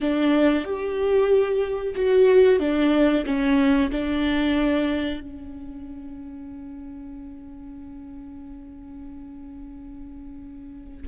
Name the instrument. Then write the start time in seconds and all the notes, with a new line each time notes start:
viola
0.00 D4
0.64 G4
1.95 F#4
2.59 D4
3.25 C#4
3.91 D4
5.20 C#4